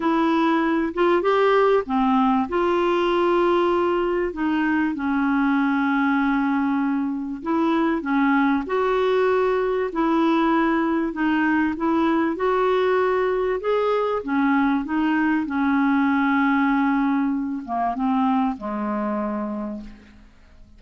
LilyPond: \new Staff \with { instrumentName = "clarinet" } { \time 4/4 \tempo 4 = 97 e'4. f'8 g'4 c'4 | f'2. dis'4 | cis'1 | e'4 cis'4 fis'2 |
e'2 dis'4 e'4 | fis'2 gis'4 cis'4 | dis'4 cis'2.~ | cis'8 ais8 c'4 gis2 | }